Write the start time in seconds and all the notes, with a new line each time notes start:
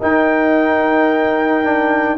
0.00 D#4 A#4 G5
1.64 D4